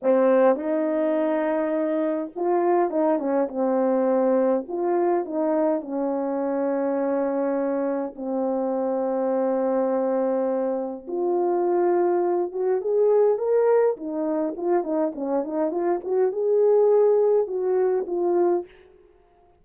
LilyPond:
\new Staff \with { instrumentName = "horn" } { \time 4/4 \tempo 4 = 103 c'4 dis'2. | f'4 dis'8 cis'8 c'2 | f'4 dis'4 cis'2~ | cis'2 c'2~ |
c'2. f'4~ | f'4. fis'8 gis'4 ais'4 | dis'4 f'8 dis'8 cis'8 dis'8 f'8 fis'8 | gis'2 fis'4 f'4 | }